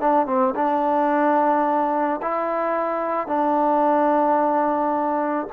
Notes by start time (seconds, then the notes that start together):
0.00 D4
0.26 C4
0.55 D4
2.22 E4
3.27 D4